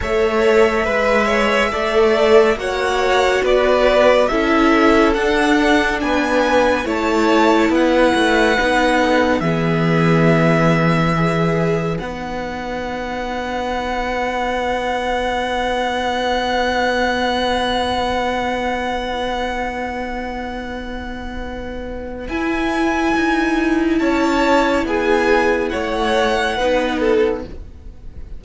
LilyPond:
<<
  \new Staff \with { instrumentName = "violin" } { \time 4/4 \tempo 4 = 70 e''2. fis''4 | d''4 e''4 fis''4 gis''4 | a''4 fis''2 e''4~ | e''2 fis''2~ |
fis''1~ | fis''1~ | fis''2 gis''2 | a''4 gis''4 fis''2 | }
  \new Staff \with { instrumentName = "violin" } { \time 4/4 cis''4 b'8 cis''8 d''4 cis''4 | b'4 a'2 b'4 | cis''4 b'4. a'8 gis'4~ | gis'4 b'2.~ |
b'1~ | b'1~ | b'1 | cis''4 gis'4 cis''4 b'8 a'8 | }
  \new Staff \with { instrumentName = "viola" } { \time 4/4 a'4 b'4 a'4 fis'4~ | fis'4 e'4 d'2 | e'2 dis'4 b4~ | b4 gis'4 dis'2~ |
dis'1~ | dis'1~ | dis'2 e'2~ | e'2. dis'4 | }
  \new Staff \with { instrumentName = "cello" } { \time 4/4 a4 gis4 a4 ais4 | b4 cis'4 d'4 b4 | a4 b8 a8 b4 e4~ | e2 b2~ |
b1~ | b1~ | b2 e'4 dis'4 | cis'4 b4 a4 b4 | }
>>